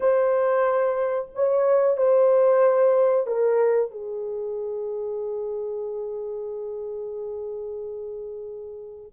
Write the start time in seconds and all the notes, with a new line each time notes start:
0.00 C5
1.34 C#5
1.97 C5
3.26 A#4
3.91 G#4